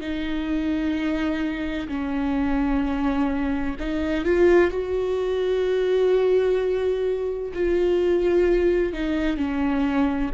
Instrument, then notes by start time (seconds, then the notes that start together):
viola
0.00 D#4
1.88 C#4
3.79 D#4
4.24 F4
4.70 F#4
7.54 F4
8.92 D#4
9.37 C#4